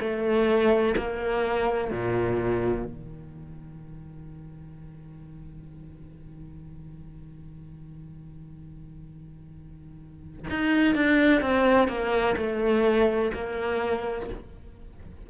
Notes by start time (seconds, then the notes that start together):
0.00 A3
0.97 A#3
1.91 A#2
2.85 D#3
10.50 D#4
10.95 D4
11.41 C4
11.88 A#3
12.37 A3
13.34 A#3